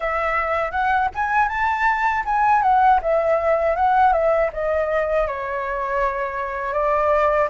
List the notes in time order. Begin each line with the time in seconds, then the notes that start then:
0.00 E5
0.71 F#5
1.15 G#5
1.48 A5
2.25 G#5
2.62 F#5
3.02 E5
3.75 F#5
4.12 E5
4.52 D#5
5.27 C#5
6.73 D5